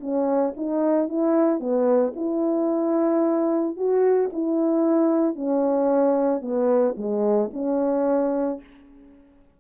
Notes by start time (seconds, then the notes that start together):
0.00 C#4
0.56 D#4
1.08 E4
1.60 B3
2.16 E4
3.77 F#4
4.32 E4
5.35 C#4
6.41 B3
6.97 G#3
7.53 C#4